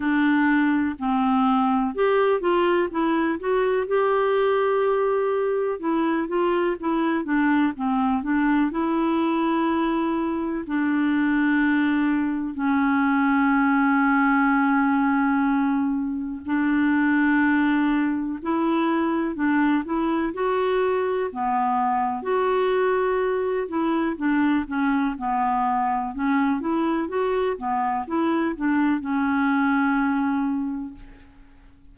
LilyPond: \new Staff \with { instrumentName = "clarinet" } { \time 4/4 \tempo 4 = 62 d'4 c'4 g'8 f'8 e'8 fis'8 | g'2 e'8 f'8 e'8 d'8 | c'8 d'8 e'2 d'4~ | d'4 cis'2.~ |
cis'4 d'2 e'4 | d'8 e'8 fis'4 b4 fis'4~ | fis'8 e'8 d'8 cis'8 b4 cis'8 e'8 | fis'8 b8 e'8 d'8 cis'2 | }